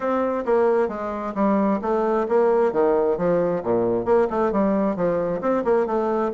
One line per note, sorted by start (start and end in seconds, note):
0.00 0.44 C4
0.45 0.88 A#3
0.88 1.33 G#3
1.34 1.79 G3
1.81 2.26 A3
2.28 2.72 A#3
2.72 3.17 D#3
3.17 3.62 F3
3.63 4.05 A#2
4.05 4.27 A#3
4.30 4.51 A3
4.51 4.95 G3
4.95 5.41 F3
5.41 5.63 C4
5.64 5.86 A#3
5.86 6.31 A3